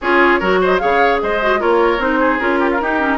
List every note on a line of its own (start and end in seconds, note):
0.01 0.41 C#4
0.01 0.41 F4
0.01 0.39 G#4
0.01 0.61 C#5
0.39 0.81 F#3
0.39 0.79 F#4
0.39 0.59 A#4
0.61 0.81 C5
0.61 0.78 D#5
0.78 1.22 C#3
0.78 1.39 G#4
0.78 1.21 C#5
0.78 1.18 F5
1.21 1.62 G#3
1.21 1.59 C5
1.21 1.61 D#5
1.41 1.59 F#4
1.59 1.98 A#3
1.59 1.99 F4
1.59 2.19 A#4
1.59 2.01 C#5
1.98 2.38 C4
1.98 2.39 D#4
1.98 2.39 C5
2.19 2.59 G#4
2.39 2.80 C#4
2.39 2.79 F4
2.39 3.17 A#4
2.59 2.69 G4
2.71 2.81 F4
2.80 3.17 D#4
2.80 2.99 D#4
2.80 3.17 G4
2.99 3.17 C#4